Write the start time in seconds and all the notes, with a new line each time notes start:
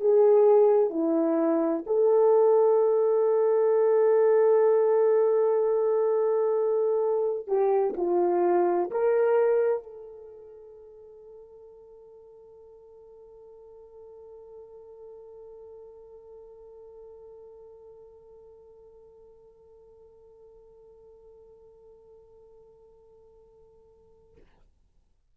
0.00 G#4
0.90 E4
1.86 A4
7.47 G4
7.96 F4
8.91 A#4
9.83 A4